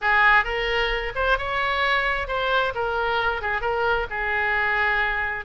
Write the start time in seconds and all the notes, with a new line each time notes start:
0.01 G#4
0.44 A#4
1.15 C5
1.38 C#5
2.27 C5
2.75 A#4
3.41 G#4
3.61 A#4
4.10 G#4